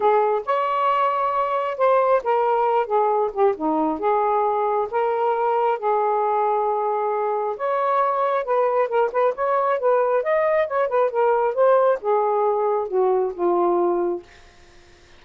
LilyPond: \new Staff \with { instrumentName = "saxophone" } { \time 4/4 \tempo 4 = 135 gis'4 cis''2. | c''4 ais'4. gis'4 g'8 | dis'4 gis'2 ais'4~ | ais'4 gis'2.~ |
gis'4 cis''2 b'4 | ais'8 b'8 cis''4 b'4 dis''4 | cis''8 b'8 ais'4 c''4 gis'4~ | gis'4 fis'4 f'2 | }